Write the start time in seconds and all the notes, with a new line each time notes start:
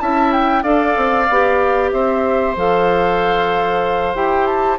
0.00 C#4 E4 E5 A5
0.32 G5
0.63 D4 A4 D5 F5
0.96 C4
1.30 B3 G4
1.92 C4 C5 E5
2.56 F3 A4 F5
4.14 E4 G4 G5
4.46 A5